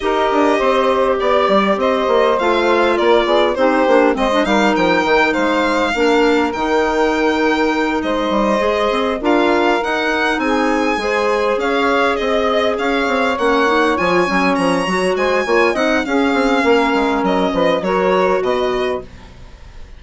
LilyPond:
<<
  \new Staff \with { instrumentName = "violin" } { \time 4/4 \tempo 4 = 101 dis''2 d''4 dis''4 | f''4 d''4 c''4 dis''8 f''8 | g''4 f''2 g''4~ | g''4. dis''2 f''8~ |
f''8 fis''4 gis''2 f''8~ | f''8 dis''4 f''4 fis''4 gis''8~ | gis''8 ais''4 gis''4 fis''8 f''4~ | f''4 dis''4 cis''4 dis''4 | }
  \new Staff \with { instrumentName = "saxophone" } { \time 4/4 ais'4 c''4 d''4 c''4~ | c''4 ais'8 gis'8 g'4 c''8 ais'8~ | ais'4 c''4 ais'2~ | ais'4. c''2 ais'8~ |
ais'4. gis'4 c''4 cis''8~ | cis''8 dis''4 cis''2~ cis''8~ | cis''4. c''8 cis''8 dis''8 gis'4 | ais'4. b'8 ais'4 b'4 | }
  \new Staff \with { instrumentName = "clarinet" } { \time 4/4 g'1 | f'2 dis'8 d'8 c'16 d'16 dis'8~ | dis'2 d'4 dis'4~ | dis'2~ dis'8 gis'4 f'8~ |
f'8 dis'2 gis'4.~ | gis'2~ gis'8 cis'8 dis'8 f'8 | cis'4 fis'4 f'8 dis'8 cis'4~ | cis'2 fis'2 | }
  \new Staff \with { instrumentName = "bassoon" } { \time 4/4 dis'8 d'8 c'4 b8 g8 c'8 ais8 | a4 ais8 b8 c'8 ais8 gis8 g8 | f8 dis8 gis4 ais4 dis4~ | dis4. gis8 g8 gis8 c'8 d'8~ |
d'8 dis'4 c'4 gis4 cis'8~ | cis'8 c'4 cis'8 c'8 ais4 f8 | fis8 f8 fis8 gis8 ais8 c'8 cis'8 c'8 | ais8 gis8 fis8 f8 fis4 b,4 | }
>>